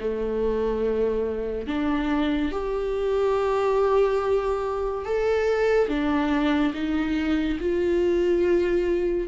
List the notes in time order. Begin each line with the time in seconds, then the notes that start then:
0.00 A3
1.67 D4
2.51 G4
5.05 A4
5.88 D4
6.74 D#4
7.59 F4